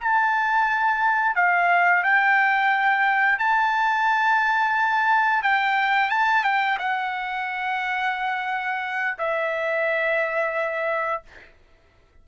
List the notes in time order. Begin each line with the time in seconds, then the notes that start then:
0.00 A5
1.35 F5
2.03 G5
3.38 A5
5.42 G5
6.10 A5
6.43 G5
6.78 F#5
9.18 E5